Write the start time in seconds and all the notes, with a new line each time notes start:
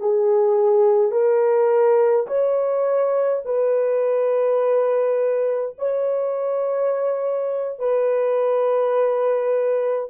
0.00 G#4
1.12 A#4
2.28 C#5
3.46 B4
5.78 C#5
7.79 B4